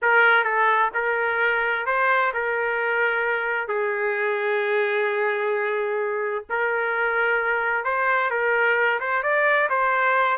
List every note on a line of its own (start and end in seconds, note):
0.01 0.44 A#4
0.44 0.90 A4
0.94 1.86 A#4
1.86 2.32 C5
2.33 3.68 A#4
3.68 6.44 G#4
6.49 7.84 A#4
7.84 8.30 C5
8.30 8.99 A#4
9.00 9.22 C5
9.22 9.69 D5
9.69 10.37 C5